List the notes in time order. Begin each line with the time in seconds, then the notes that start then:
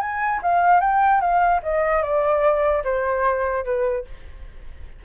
0.00 G#5
0.42 F5
0.80 G5
1.20 F5
1.63 D#5
2.02 D5
2.84 C5
3.64 B4